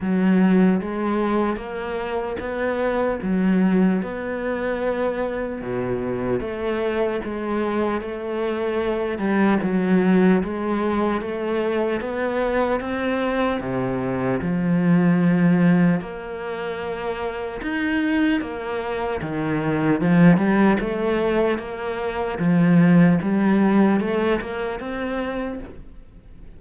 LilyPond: \new Staff \with { instrumentName = "cello" } { \time 4/4 \tempo 4 = 75 fis4 gis4 ais4 b4 | fis4 b2 b,4 | a4 gis4 a4. g8 | fis4 gis4 a4 b4 |
c'4 c4 f2 | ais2 dis'4 ais4 | dis4 f8 g8 a4 ais4 | f4 g4 a8 ais8 c'4 | }